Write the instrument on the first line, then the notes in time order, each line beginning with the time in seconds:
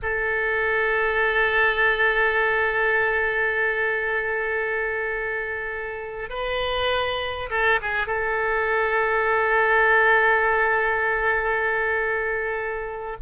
oboe
0.02 A4
6.29 B4
7.49 A4
7.81 G#4
8.06 A4